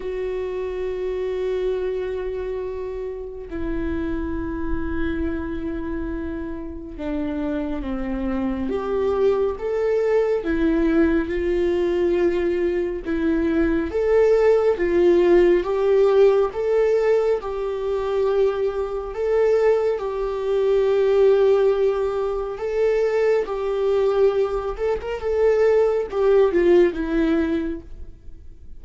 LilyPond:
\new Staff \with { instrumentName = "viola" } { \time 4/4 \tempo 4 = 69 fis'1 | e'1 | d'4 c'4 g'4 a'4 | e'4 f'2 e'4 |
a'4 f'4 g'4 a'4 | g'2 a'4 g'4~ | g'2 a'4 g'4~ | g'8 a'16 ais'16 a'4 g'8 f'8 e'4 | }